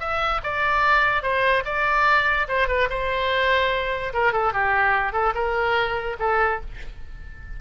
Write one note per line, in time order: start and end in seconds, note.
0.00 0.41 E5
0.43 1.22 D5
1.22 1.63 C5
1.65 2.47 D5
2.48 2.68 C5
2.68 2.89 B4
2.90 4.13 C5
4.13 4.33 A#4
4.33 4.53 A4
4.53 5.13 G4
5.13 5.33 A4
5.34 6.17 A#4
6.19 6.61 A4